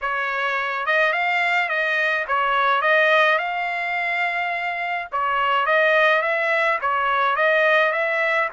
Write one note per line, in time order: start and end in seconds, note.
0.01 0.85 C#5
0.85 1.12 D#5
1.12 1.68 F5
1.68 2.25 D#5
2.27 2.81 C#5
2.81 3.38 D#5
3.38 5.08 F5
5.11 5.66 C#5
5.66 6.22 D#5
6.22 6.78 E5
6.81 7.36 C#5
7.36 7.92 D#5
7.92 8.48 E5